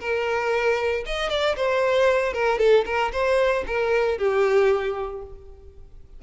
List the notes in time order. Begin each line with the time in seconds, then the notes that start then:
0.00 A#4
1.06 D#5
1.29 D5
1.56 C5
2.33 A#4
2.58 A4
2.86 A#4
3.12 C5
3.67 A#4
4.18 G4